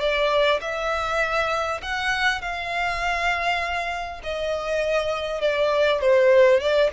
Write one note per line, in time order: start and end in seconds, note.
0.00 0.60 D5
0.61 1.81 E5
1.82 2.41 F#5
2.41 4.21 F5
4.23 5.41 D#5
5.41 6.01 D5
6.01 6.60 C5
6.60 6.90 D5